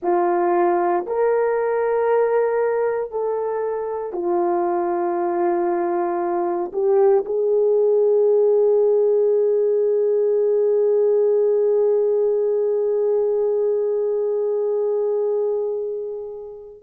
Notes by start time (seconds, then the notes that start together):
0.02 F4
1.06 A#4
3.11 A4
4.12 F4
6.72 G4
7.25 G#4